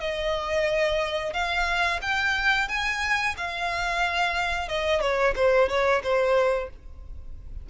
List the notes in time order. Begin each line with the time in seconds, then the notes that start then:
0.00 D#5
1.33 F5
2.02 G5
2.68 G#5
3.38 F5
4.68 D#5
5.01 C#5
5.36 C5
5.69 C#5
6.03 C5